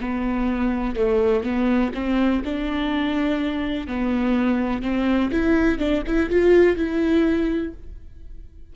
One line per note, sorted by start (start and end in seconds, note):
0.00 0.95 B3
0.95 1.43 A3
1.43 1.91 B3
1.94 2.42 C4
2.44 3.87 D4
3.87 4.82 B3
4.82 5.30 C4
5.31 5.78 E4
5.78 6.02 D4
6.07 6.29 E4
6.29 6.76 F4
6.76 7.73 E4